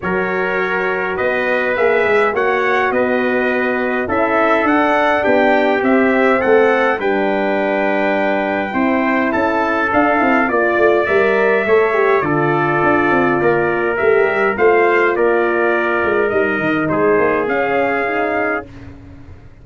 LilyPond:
<<
  \new Staff \with { instrumentName = "trumpet" } { \time 4/4 \tempo 4 = 103 cis''2 dis''4 e''4 | fis''4 dis''2 e''4 | fis''4 g''4 e''4 fis''4 | g''1 |
a''4 f''4 d''4 e''4~ | e''4 d''2. | e''4 f''4 d''2 | dis''4 c''4 f''2 | }
  \new Staff \with { instrumentName = "trumpet" } { \time 4/4 ais'2 b'2 | cis''4 b'2 a'4~ | a'4 g'2 a'4 | b'2. c''4 |
a'2 d''2 | cis''4 a'2 ais'4~ | ais'4 c''4 ais'2~ | ais'4 gis'2. | }
  \new Staff \with { instrumentName = "horn" } { \time 4/4 fis'2. gis'4 | fis'2. e'4 | d'2 c'2 | d'2. e'4~ |
e'4 d'8 e'8 f'4 ais'4 | a'8 g'8 f'2. | g'4 f'2. | dis'2 cis'4 dis'4 | }
  \new Staff \with { instrumentName = "tuba" } { \time 4/4 fis2 b4 ais8 gis8 | ais4 b2 cis'4 | d'4 b4 c'4 a4 | g2. c'4 |
cis'4 d'8 c'8 ais8 a8 g4 | a4 d4 d'8 c'8 ais4 | a8 g8 a4 ais4. gis8 | g8 dis8 gis8 ais8 cis'2 | }
>>